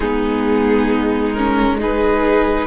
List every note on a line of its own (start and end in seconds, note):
0.00 2.66 G#3
0.00 1.36 B3
0.00 1.79 D#4
0.00 1.33 G#4
1.33 1.78 C#4
1.33 1.77 A#4
1.78 2.67 D#4
1.78 2.67 G#4
1.78 2.67 B4